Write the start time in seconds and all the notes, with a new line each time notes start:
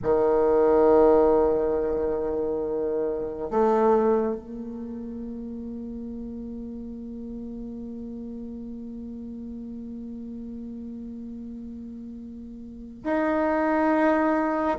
0.02 D#3
3.50 A3
4.35 A#3
13.03 D#4